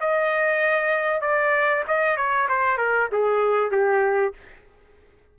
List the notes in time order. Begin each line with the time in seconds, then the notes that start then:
0.00 D#5
1.21 D5
1.88 D#5
2.16 C#5
2.49 C5
2.77 A#4
3.12 G#4
3.71 G4